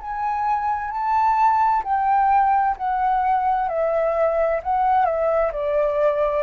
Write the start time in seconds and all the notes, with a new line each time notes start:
0.00 G#5
0.90 A5
1.83 G5
2.77 F#5
3.68 E5
4.63 F#5
5.05 E5
5.52 D5